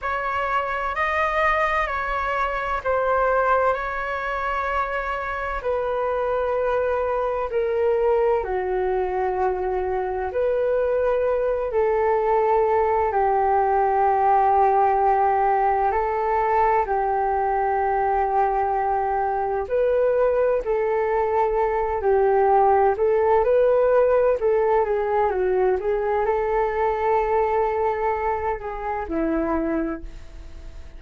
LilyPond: \new Staff \with { instrumentName = "flute" } { \time 4/4 \tempo 4 = 64 cis''4 dis''4 cis''4 c''4 | cis''2 b'2 | ais'4 fis'2 b'4~ | b'8 a'4. g'2~ |
g'4 a'4 g'2~ | g'4 b'4 a'4. g'8~ | g'8 a'8 b'4 a'8 gis'8 fis'8 gis'8 | a'2~ a'8 gis'8 e'4 | }